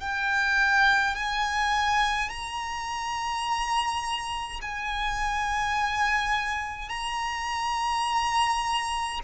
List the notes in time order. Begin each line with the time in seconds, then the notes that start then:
0.00 G5
1.15 G#5
2.29 A#5
4.62 G#5
6.89 A#5